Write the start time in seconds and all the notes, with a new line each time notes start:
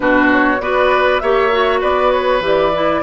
0.00 B2 D4 F#4 B4
0.31 C#5
0.60 B3 F#4 B4 D5
1.19 A#3 G4 C#5 E5
1.51 F#4
1.80 B3 B4 D5
2.11 C#5
2.40 E3 G4
2.46 D5
2.74 E4